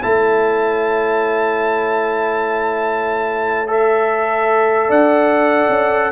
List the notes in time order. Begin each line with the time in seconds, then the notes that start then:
0.00 A3 E4 C#5 A5
3.67 A4 E5
4.88 D4 D5 F#5
5.69 C#4